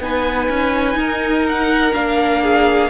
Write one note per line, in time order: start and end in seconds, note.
0.00 0.48 B3
0.00 1.93 D#4
0.00 0.98 B4
0.00 1.46 G#5
0.49 0.95 C#4
0.95 1.91 D#4
0.95 2.43 A#4
1.49 1.94 F#5
1.93 2.89 A#3
1.93 2.89 D4
1.93 2.89 F5
2.43 2.89 G#4